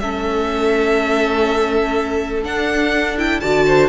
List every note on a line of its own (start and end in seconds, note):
0.00 2.44 A3
0.00 2.43 C#4
0.00 3.41 A4
0.00 2.44 E5
2.43 3.16 D4
2.43 3.41 D4
2.43 3.18 F#5
3.17 3.42 E4
3.17 3.40 G5
3.40 3.89 D3
3.40 3.89 F#4
3.40 3.66 D5
3.40 3.89 A5
3.66 3.89 C5